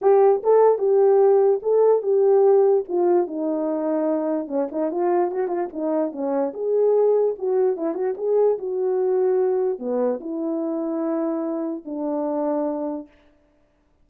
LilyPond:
\new Staff \with { instrumentName = "horn" } { \time 4/4 \tempo 4 = 147 g'4 a'4 g'2 | a'4 g'2 f'4 | dis'2. cis'8 dis'8 | f'4 fis'8 f'8 dis'4 cis'4 |
gis'2 fis'4 e'8 fis'8 | gis'4 fis'2. | b4 e'2.~ | e'4 d'2. | }